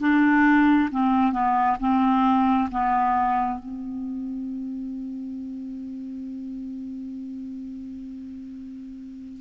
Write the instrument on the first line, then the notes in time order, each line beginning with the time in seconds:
clarinet
0.00 D4
0.91 C4
1.32 B3
1.80 C4
2.71 B3
3.59 C4